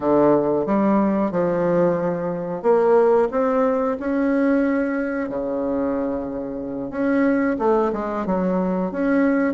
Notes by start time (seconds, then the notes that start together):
0.00 D3
0.66 G3
1.31 F3
2.62 A#3
3.31 C4
3.99 C#4
5.29 C#3
6.90 C#4
7.59 A3
7.92 G#3
8.26 F#3
8.91 C#4